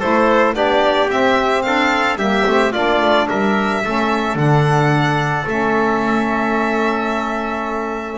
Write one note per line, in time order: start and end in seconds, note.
0.00 0.54 A3
0.00 0.54 E4
0.00 0.55 A4
0.00 0.55 C5
0.54 1.09 B3
0.54 1.09 D4
0.54 1.66 G4
0.54 1.10 D5
1.09 2.18 C4
1.09 1.65 C4
1.09 1.62 E5
1.62 2.17 D4
1.62 2.18 A4
1.62 2.17 F5
2.17 2.44 G3
2.17 2.46 A#3
2.17 2.72 G4
2.17 2.73 E5
2.46 2.75 A3
2.46 2.73 C4
2.72 3.01 A#3
2.72 3.83 D4
2.72 3.27 F4
2.72 3.28 D5
3.01 3.29 A3
3.29 3.85 G3
3.29 3.83 A#4
3.29 4.38 E5
3.85 4.35 A3
3.85 4.37 C#4
3.85 8.18 A4
4.35 5.44 D3
4.35 5.46 D4
4.35 5.48 F#5
5.47 8.18 A3
5.47 8.18 C#4
5.47 8.18 E5